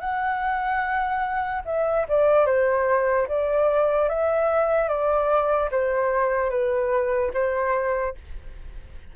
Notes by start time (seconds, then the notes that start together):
0.00 F#5
1.65 E5
2.08 D5
2.46 C5
3.28 D5
4.09 E5
4.89 D5
5.71 C5
6.50 B4
7.34 C5